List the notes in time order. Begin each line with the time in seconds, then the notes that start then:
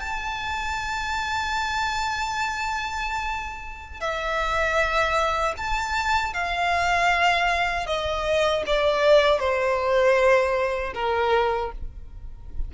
0.00 A5
4.01 E5
5.58 A5
6.34 F5
7.87 D#5
8.67 D5
9.40 C5
10.95 A#4